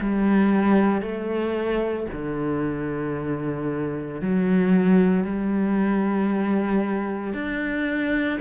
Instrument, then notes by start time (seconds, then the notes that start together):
cello
0.00 G3
1.01 A3
2.12 D3
4.21 F#3
5.23 G3
7.33 D4